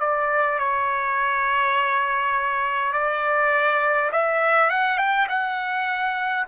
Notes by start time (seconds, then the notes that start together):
0.00 D5
0.59 C#5
2.93 D5
4.12 E5
4.70 F#5
4.98 G5
5.29 F#5